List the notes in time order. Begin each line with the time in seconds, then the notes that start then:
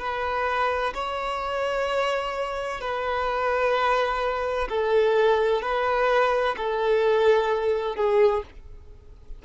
0.00 B4
0.95 C#5
2.81 B4
4.69 A4
5.62 B4
6.58 A4
7.96 G#4